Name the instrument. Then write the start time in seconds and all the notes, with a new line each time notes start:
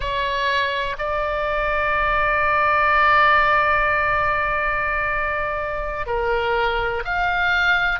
oboe
0.00 C#5
0.98 D5
6.06 A#4
7.04 F5